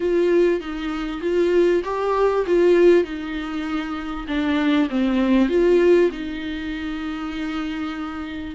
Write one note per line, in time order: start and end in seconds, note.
0.00 0.60 F4
0.60 1.21 D#4
1.21 1.82 F4
1.83 2.45 G4
2.46 3.04 F4
3.04 4.26 D#4
4.27 4.88 D4
4.89 5.49 C4
5.49 6.10 F4
6.11 8.55 D#4